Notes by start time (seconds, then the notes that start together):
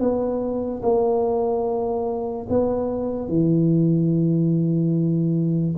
0.00 B3
0.83 A#3
2.50 B3
3.29 E3